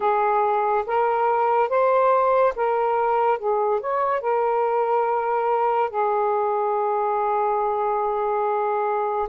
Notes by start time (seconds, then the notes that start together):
0.00 G#4
0.86 A#4
1.69 C5
2.55 A#4
3.38 G#4
3.80 C#5
4.20 A#4
5.90 G#4